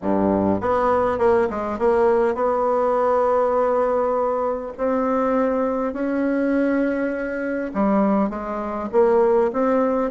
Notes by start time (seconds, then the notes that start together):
0.01 G2
0.60 B3
1.18 A#3
1.50 G#3
1.78 A#3
2.34 B3
4.77 C4
5.93 C#4
7.74 G3
8.29 G#3
8.92 A#3
9.53 C4